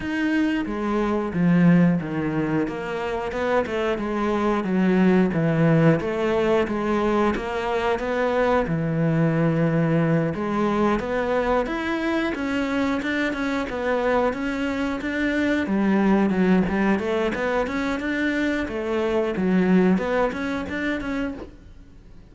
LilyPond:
\new Staff \with { instrumentName = "cello" } { \time 4/4 \tempo 4 = 90 dis'4 gis4 f4 dis4 | ais4 b8 a8 gis4 fis4 | e4 a4 gis4 ais4 | b4 e2~ e8 gis8~ |
gis8 b4 e'4 cis'4 d'8 | cis'8 b4 cis'4 d'4 g8~ | g8 fis8 g8 a8 b8 cis'8 d'4 | a4 fis4 b8 cis'8 d'8 cis'8 | }